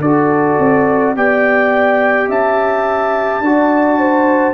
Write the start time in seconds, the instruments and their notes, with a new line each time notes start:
0.00 tuba D4, trombone F#4, horn A4, trumpet D5
0.59 tuba C4
1.16 tuba B3, trombone G4, horn D5, trumpet G5
2.28 tuba C#4, horn E5, trumpet A5
3.40 tuba D4, trombone F#4, horn D5
3.98 horn C5